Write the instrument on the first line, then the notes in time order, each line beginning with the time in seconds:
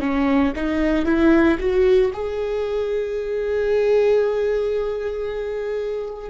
viola
0.00 C#4
0.56 D#4
1.05 E4
1.59 F#4
2.13 G#4